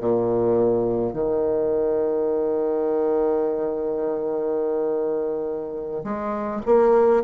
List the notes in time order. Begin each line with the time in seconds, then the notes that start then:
0.00 A#2
1.13 D#3
6.04 G#3
6.66 A#3